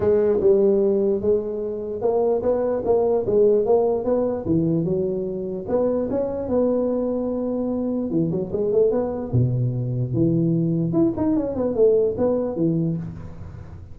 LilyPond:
\new Staff \with { instrumentName = "tuba" } { \time 4/4 \tempo 4 = 148 gis4 g2 gis4~ | gis4 ais4 b4 ais4 | gis4 ais4 b4 e4 | fis2 b4 cis'4 |
b1 | e8 fis8 gis8 a8 b4 b,4~ | b,4 e2 e'8 dis'8 | cis'8 b8 a4 b4 e4 | }